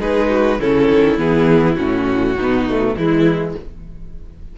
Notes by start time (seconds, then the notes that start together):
0.00 G#3 D#4 G#4 B4
0.30 F#4
0.59 C#3 C#4 E4 A4
0.90 D#3
1.18 E3 B3 G#4
1.75 A2 C#4 F#4
2.36 B2 B3 D#4
2.70 A3
2.96 E3 G#3 E4